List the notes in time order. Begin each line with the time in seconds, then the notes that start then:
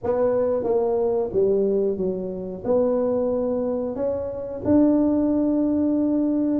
0.03 B3
0.63 A#3
1.32 G3
1.97 F#3
2.64 B3
3.95 C#4
4.64 D4